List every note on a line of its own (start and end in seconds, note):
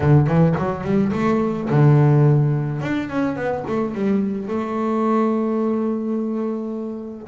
0.00 0.27 D3
0.27 0.55 E3
0.58 0.84 F#3
0.84 1.12 G3
1.12 1.68 A3
1.69 2.81 D3
2.81 3.09 D4
3.09 3.35 C#4
3.35 3.63 B3
3.67 3.94 A3
3.94 4.48 G3
4.48 7.27 A3